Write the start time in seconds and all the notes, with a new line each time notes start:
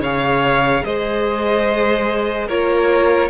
0.00 C#3 G#4 C#5 F5
0.84 G#3 C5 D#5
2.47 A#3 F4 A#4 C#5